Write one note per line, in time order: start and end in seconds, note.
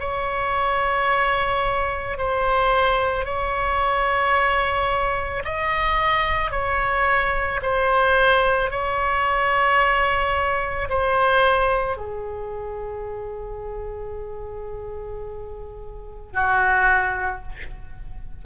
0.00 2.18 C#5
2.18 3.25 C5
3.25 5.43 C#5
5.44 6.51 D#5
6.51 7.60 C#5
7.63 8.71 C5
8.71 10.89 C#5
10.89 11.97 C5
11.97 16.33 G#4
16.33 17.42 F#4